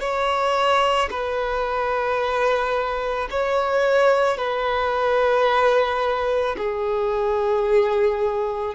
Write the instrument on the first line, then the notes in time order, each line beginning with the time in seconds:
violin
0.00 C#5
1.11 B4
3.31 C#5
4.38 B4
6.58 G#4